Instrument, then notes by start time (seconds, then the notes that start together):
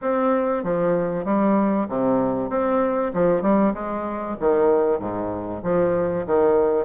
bassoon
0.01 C4
0.63 F3
1.24 G3
1.89 C3
2.49 C4
3.13 F3
3.42 G3
3.73 G#3
4.40 D#3
4.99 G#2
5.62 F3
6.26 D#3